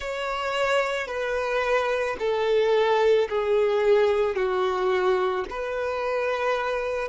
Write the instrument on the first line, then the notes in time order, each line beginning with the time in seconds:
violin
0.00 C#5
1.07 B4
2.19 A4
3.29 G#4
4.35 F#4
5.49 B4